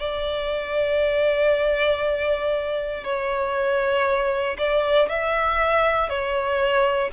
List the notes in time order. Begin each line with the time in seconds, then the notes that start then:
0.00 D5
3.05 C#5
4.58 D5
5.09 E5
6.10 C#5